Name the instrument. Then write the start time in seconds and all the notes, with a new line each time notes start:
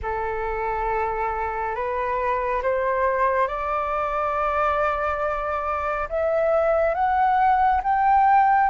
flute
0.02 A4
1.75 B4
2.62 C5
3.47 D5
6.09 E5
6.94 F#5
7.83 G5